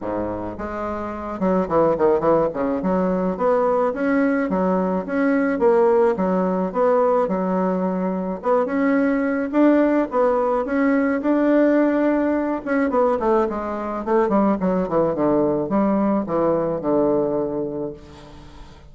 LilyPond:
\new Staff \with { instrumentName = "bassoon" } { \time 4/4 \tempo 4 = 107 gis,4 gis4. fis8 e8 dis8 | e8 cis8 fis4 b4 cis'4 | fis4 cis'4 ais4 fis4 | b4 fis2 b8 cis'8~ |
cis'4 d'4 b4 cis'4 | d'2~ d'8 cis'8 b8 a8 | gis4 a8 g8 fis8 e8 d4 | g4 e4 d2 | }